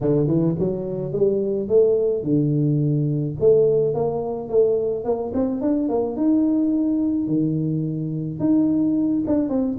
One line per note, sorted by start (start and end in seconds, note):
0.01 0.27 D3
0.27 0.55 E3
0.58 1.12 F#3
1.12 1.68 G3
1.68 2.23 A3
2.23 3.35 D3
3.40 3.94 A3
3.94 4.48 A#3
4.48 5.04 A3
5.04 5.32 A#3
5.33 5.61 C4
5.61 5.88 D4
5.88 6.16 A#3
6.16 7.27 D#4
7.27 8.39 D#3
8.39 9.23 D#4
9.27 9.49 D4
9.49 9.77 C4